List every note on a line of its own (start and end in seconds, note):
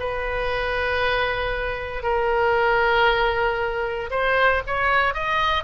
0.00 2.03 B4
2.03 4.10 A#4
4.11 4.62 C5
4.67 5.14 C#5
5.14 5.64 D#5